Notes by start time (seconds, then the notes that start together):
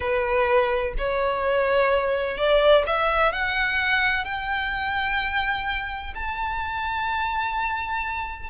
0.00 B4
0.98 C#5
2.37 D5
2.86 E5
3.32 F#5
4.24 G5
6.14 A5